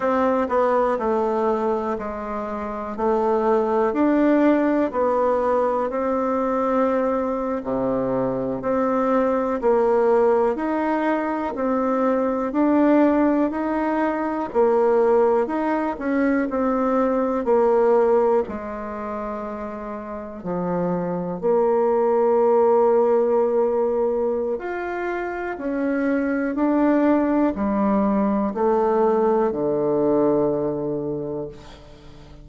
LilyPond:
\new Staff \with { instrumentName = "bassoon" } { \time 4/4 \tempo 4 = 61 c'8 b8 a4 gis4 a4 | d'4 b4 c'4.~ c'16 c16~ | c8. c'4 ais4 dis'4 c'16~ | c'8. d'4 dis'4 ais4 dis'16~ |
dis'16 cis'8 c'4 ais4 gis4~ gis16~ | gis8. f4 ais2~ ais16~ | ais4 f'4 cis'4 d'4 | g4 a4 d2 | }